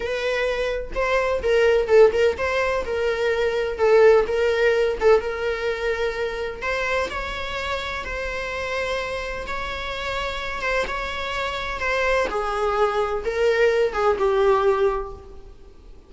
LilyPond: \new Staff \with { instrumentName = "viola" } { \time 4/4 \tempo 4 = 127 b'2 c''4 ais'4 | a'8 ais'8 c''4 ais'2 | a'4 ais'4. a'8 ais'4~ | ais'2 c''4 cis''4~ |
cis''4 c''2. | cis''2~ cis''8 c''8 cis''4~ | cis''4 c''4 gis'2 | ais'4. gis'8 g'2 | }